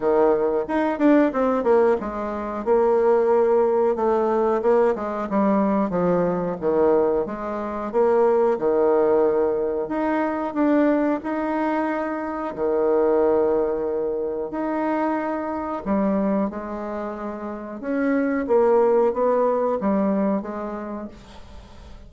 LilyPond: \new Staff \with { instrumentName = "bassoon" } { \time 4/4 \tempo 4 = 91 dis4 dis'8 d'8 c'8 ais8 gis4 | ais2 a4 ais8 gis8 | g4 f4 dis4 gis4 | ais4 dis2 dis'4 |
d'4 dis'2 dis4~ | dis2 dis'2 | g4 gis2 cis'4 | ais4 b4 g4 gis4 | }